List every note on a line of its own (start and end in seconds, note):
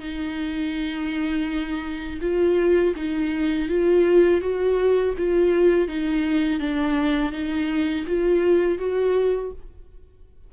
0.00 2.20 D#4
2.22 2.95 F4
2.96 3.69 D#4
3.69 4.42 F4
4.42 5.15 F#4
5.18 5.88 F4
5.88 6.60 D#4
6.60 7.32 D4
7.32 8.06 D#4
8.07 8.79 F4
8.79 9.52 F#4